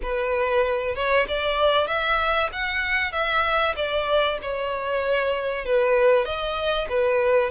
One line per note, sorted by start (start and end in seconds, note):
0.02 0.95 B4
0.95 1.26 C#5
1.28 1.87 D5
1.87 2.49 E5
2.52 3.12 F#5
3.12 3.74 E5
3.76 4.38 D5
4.42 5.65 C#5
5.65 6.25 B4
6.25 6.88 D#5
6.89 7.50 B4